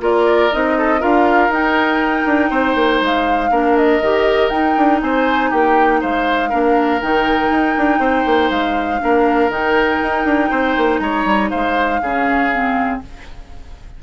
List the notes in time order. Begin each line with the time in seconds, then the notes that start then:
0.00 A#3 F4 A#4 D5
0.52 C4 D#4 D#5
0.78 A4
1.00 D4 F4 A#4 F5
1.48 D#4 G5
2.25 D4
2.50 C4 C5
2.75 A#3
3.01 G#3 F5
3.50 A#3 D4 A#4
3.77 D#5
4.01 D#3 G4
4.49 D#4 G5
4.77 D4
5.01 C4 C5 G#5
5.50 A#3 G4 G5
6.00 G#3 C5 F5
6.49 A#3 D4 A#4
7.01 D#3 D#4 G5
7.49 D#4
7.77 D4
7.99 C4 C5
8.25 A#3
8.50 G#3 F5
9.00 A#3 D4 A#4
9.48 D#3 D#4 G5
10.02 D#4
10.24 D4
10.50 C4 C5
10.77 A#3
10.99 G#3 C#5 A#5
11.25 G3
11.49 G#3 C5 F5
12.01 C#3 C#4 G#4
12.52 C4